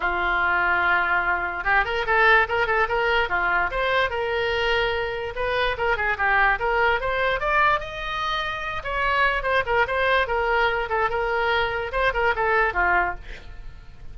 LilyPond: \new Staff \with { instrumentName = "oboe" } { \time 4/4 \tempo 4 = 146 f'1 | g'8 ais'8 a'4 ais'8 a'8 ais'4 | f'4 c''4 ais'2~ | ais'4 b'4 ais'8 gis'8 g'4 |
ais'4 c''4 d''4 dis''4~ | dis''4. cis''4. c''8 ais'8 | c''4 ais'4. a'8 ais'4~ | ais'4 c''8 ais'8 a'4 f'4 | }